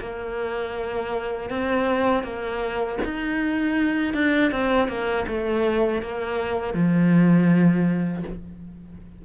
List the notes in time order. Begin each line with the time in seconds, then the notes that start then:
0.00 A#3
1.50 C4
2.23 A#3
3.04 D#4
4.14 D4
4.51 C4
4.88 A#3
5.27 A3
6.02 A#3
6.74 F3